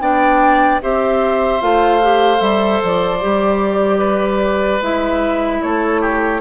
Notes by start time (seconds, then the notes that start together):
0.00 B3 D4 D5 G5
0.82 C4 G4 C5 E5
1.61 A3 F4 F5
2.02 G4
2.38 G3 A4 E5
2.83 F3 D5
3.21 G3 G4
3.99 B4
4.81 G#3 E4 E5
5.62 A3 A4 C#5
6.01 G4